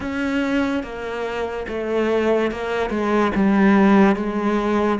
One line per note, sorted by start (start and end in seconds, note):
0.00 0.83 C#4
0.83 1.66 A#3
1.67 2.51 A3
2.51 2.89 A#3
2.89 3.31 G#3
3.35 4.16 G3
4.16 4.99 G#3